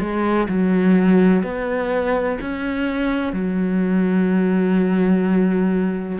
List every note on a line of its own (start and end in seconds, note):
0.00 0.48 G#3
0.48 1.43 F#3
1.43 2.38 B3
2.41 3.33 C#4
3.33 6.19 F#3